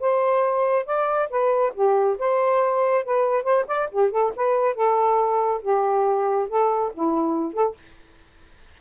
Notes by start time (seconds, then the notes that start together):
0.00 C5
0.86 D5
1.30 B4
1.74 G4
2.19 C5
3.04 B4
3.43 C5
3.67 D5
3.91 G4
4.11 A4
4.36 B4
4.75 A4
5.62 G4
6.49 A4
6.94 E4
7.53 A4